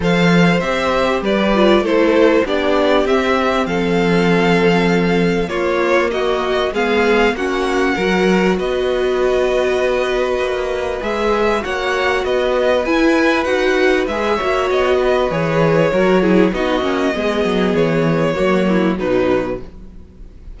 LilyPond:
<<
  \new Staff \with { instrumentName = "violin" } { \time 4/4 \tempo 4 = 98 f''4 e''4 d''4 c''4 | d''4 e''4 f''2~ | f''4 cis''4 dis''4 f''4 | fis''2 dis''2~ |
dis''2 e''4 fis''4 | dis''4 gis''4 fis''4 e''4 | dis''4 cis''2 dis''4~ | dis''4 cis''2 b'4 | }
  \new Staff \with { instrumentName = "violin" } { \time 4/4 c''2 b'4 a'4 | g'2 a'2~ | a'4 f'4 fis'4 gis'4 | fis'4 ais'4 b'2~ |
b'2. cis''4 | b'2.~ b'8 cis''8~ | cis''8 b'4. ais'8 gis'8 fis'4 | gis'2 fis'8 e'8 dis'4 | }
  \new Staff \with { instrumentName = "viola" } { \time 4/4 a'4 g'4. f'8 e'4 | d'4 c'2.~ | c'4 ais2 b4 | cis'4 fis'2.~ |
fis'2 gis'4 fis'4~ | fis'4 e'4 fis'4 gis'8 fis'8~ | fis'4 gis'4 fis'8 e'8 dis'8 cis'8 | b2 ais4 fis4 | }
  \new Staff \with { instrumentName = "cello" } { \time 4/4 f4 c'4 g4 a4 | b4 c'4 f2~ | f4 ais2 gis4 | ais4 fis4 b2~ |
b4 ais4 gis4 ais4 | b4 e'4 dis'4 gis8 ais8 | b4 e4 fis4 b8 ais8 | gis8 fis8 e4 fis4 b,4 | }
>>